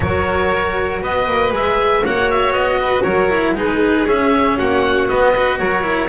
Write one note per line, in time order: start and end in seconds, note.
0.00 1.01 F#3
0.00 1.51 F#4
0.00 1.01 A#4
0.00 1.01 C#5
1.01 1.27 B3
1.01 2.03 B4
1.01 1.54 D#5
1.27 1.51 A#3
1.51 2.02 G#3
1.51 2.02 G#4
1.51 2.05 E5
2.03 2.51 A#3
2.03 3.29 F#4
2.03 2.80 C#5
2.03 2.30 F#5
2.30 2.53 E5
2.51 3.02 B3
2.51 3.02 D#5
2.80 3.02 B4
3.02 3.54 F#3
3.02 3.53 A#4
3.02 3.53 C#5
3.29 3.55 E4
3.54 4.05 G#3
3.54 4.06 D#4
3.54 4.57 G#4
3.54 4.08 B4
4.07 4.57 C#4
4.07 5.09 C#4
4.07 4.58 E5
4.57 5.10 A#3
4.57 5.33 F#4
4.57 5.08 F#5
5.08 5.34 B3
5.08 5.60 B3
5.08 5.58 D#5
5.33 5.82 F#4
5.33 5.58 B4
5.58 6.09 F#3
5.58 6.09 A#4
5.58 6.09 C#5
5.82 6.07 E4